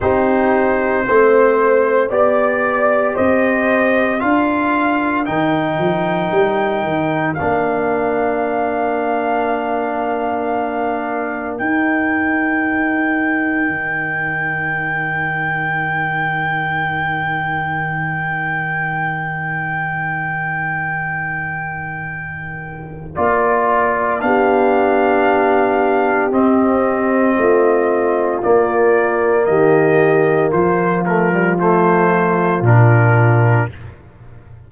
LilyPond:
<<
  \new Staff \with { instrumentName = "trumpet" } { \time 4/4 \tempo 4 = 57 c''2 d''4 dis''4 | f''4 g''2 f''4~ | f''2. g''4~ | g''1~ |
g''1~ | g''2 d''4 f''4~ | f''4 dis''2 d''4 | dis''4 c''8 ais'8 c''4 ais'4 | }
  \new Staff \with { instrumentName = "horn" } { \time 4/4 g'4 c''4 d''4 c''4 | ais'1~ | ais'1~ | ais'1~ |
ais'1~ | ais'2. g'4~ | g'2 f'2 | g'4 f'2. | }
  \new Staff \with { instrumentName = "trombone" } { \time 4/4 dis'4 c'4 g'2 | f'4 dis'2 d'4~ | d'2. dis'4~ | dis'1~ |
dis'1~ | dis'2 f'4 d'4~ | d'4 c'2 ais4~ | ais4. a16 g16 a4 d'4 | }
  \new Staff \with { instrumentName = "tuba" } { \time 4/4 c'4 a4 b4 c'4 | d'4 dis8 f8 g8 dis8 ais4~ | ais2. dis'4~ | dis'4 dis2.~ |
dis1~ | dis2 ais4 b4~ | b4 c'4 a4 ais4 | dis4 f2 ais,4 | }
>>